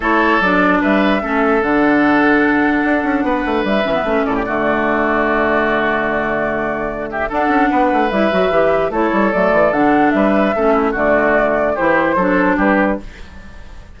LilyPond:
<<
  \new Staff \with { instrumentName = "flute" } { \time 4/4 \tempo 4 = 148 cis''4 d''4 e''2 | fis''1~ | fis''4 e''4. d''4.~ | d''1~ |
d''4. e''8 fis''2 | e''2 cis''4 d''4 | fis''4 e''2 d''4~ | d''4 c''2 b'4 | }
  \new Staff \with { instrumentName = "oboe" } { \time 4/4 a'2 b'4 a'4~ | a'1 | b'2~ b'8 a'16 g'16 fis'4~ | fis'1~ |
fis'4. g'8 a'4 b'4~ | b'2 a'2~ | a'4 b'4 a'8 e'8 fis'4~ | fis'4 g'4 a'4 g'4 | }
  \new Staff \with { instrumentName = "clarinet" } { \time 4/4 e'4 d'2 cis'4 | d'1~ | d'4. cis'16 b16 cis'4 a4~ | a1~ |
a2 d'2 | e'8 fis'8 g'4 e'4 a4 | d'2 cis'4 a4~ | a4 e'4 d'2 | }
  \new Staff \with { instrumentName = "bassoon" } { \time 4/4 a4 fis4 g4 a4 | d2. d'8 cis'8 | b8 a8 g8 e8 a8 a,8 d4~ | d1~ |
d2 d'8 cis'8 b8 a8 | g8 fis8 e4 a8 g8 fis8 e8 | d4 g4 a4 d4~ | d4 e4 fis4 g4 | }
>>